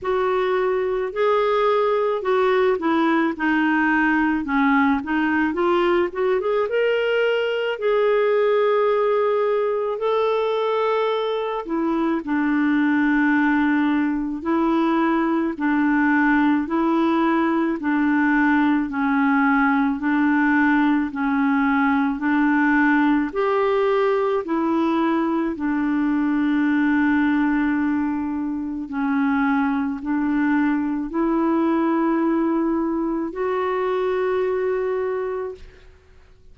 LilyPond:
\new Staff \with { instrumentName = "clarinet" } { \time 4/4 \tempo 4 = 54 fis'4 gis'4 fis'8 e'8 dis'4 | cis'8 dis'8 f'8 fis'16 gis'16 ais'4 gis'4~ | gis'4 a'4. e'8 d'4~ | d'4 e'4 d'4 e'4 |
d'4 cis'4 d'4 cis'4 | d'4 g'4 e'4 d'4~ | d'2 cis'4 d'4 | e'2 fis'2 | }